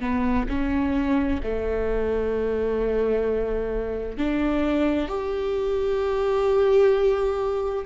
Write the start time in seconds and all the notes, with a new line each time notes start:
0.00 B3
0.48 C#4
1.43 A3
4.17 D4
5.08 G4